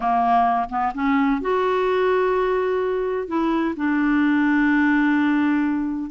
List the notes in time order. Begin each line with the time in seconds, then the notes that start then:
0.00 A#3
0.69 B3
0.94 C#4
1.41 F#4
3.27 E4
3.76 D4